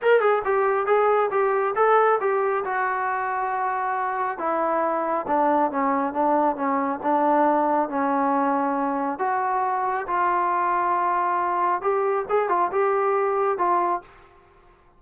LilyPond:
\new Staff \with { instrumentName = "trombone" } { \time 4/4 \tempo 4 = 137 ais'8 gis'8 g'4 gis'4 g'4 | a'4 g'4 fis'2~ | fis'2 e'2 | d'4 cis'4 d'4 cis'4 |
d'2 cis'2~ | cis'4 fis'2 f'4~ | f'2. g'4 | gis'8 f'8 g'2 f'4 | }